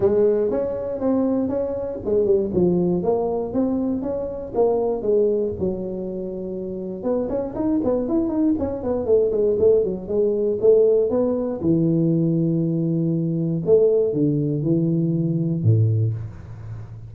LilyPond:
\new Staff \with { instrumentName = "tuba" } { \time 4/4 \tempo 4 = 119 gis4 cis'4 c'4 cis'4 | gis8 g8 f4 ais4 c'4 | cis'4 ais4 gis4 fis4~ | fis2 b8 cis'8 dis'8 b8 |
e'8 dis'8 cis'8 b8 a8 gis8 a8 fis8 | gis4 a4 b4 e4~ | e2. a4 | d4 e2 a,4 | }